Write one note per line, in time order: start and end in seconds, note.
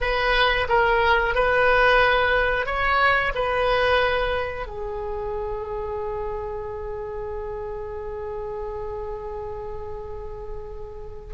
0.01 0.67 B4
0.68 1.34 A#4
1.34 2.65 B4
2.65 3.32 C#5
3.34 4.67 B4
4.67 11.33 G#4